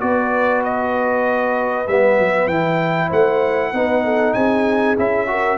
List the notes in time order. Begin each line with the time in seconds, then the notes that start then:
0.00 B3 F#4 B4 D5
0.64 D#5
1.87 G3 B3 E5
2.19 F#3
2.47 E3 E4 G5
3.07 A3 C5 F#5
3.72 B3 D#4 B4
4.04 A4
4.33 C4 G#4 G#5
4.97 C#4 E4 E5
5.27 F#4 A#4